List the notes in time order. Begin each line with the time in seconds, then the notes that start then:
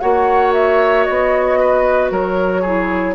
0.00 A#3 F#4 C#5 F#5
0.54 E5
1.04 B3 D#5
1.60 B4
2.11 F#3 A#4 C#5
2.61 E4 G#4